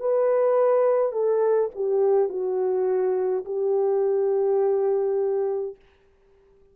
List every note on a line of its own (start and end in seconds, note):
0.00 1.12 B4
1.12 1.70 A4
1.75 2.29 G4
2.29 3.45 F#4
3.45 5.76 G4